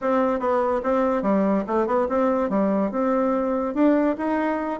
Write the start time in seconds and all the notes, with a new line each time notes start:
0.01 C4
0.39 B3
0.83 C4
1.22 G3
1.66 A3
1.87 B3
2.08 C4
2.49 G3
2.91 C4
3.74 D4
4.17 D#4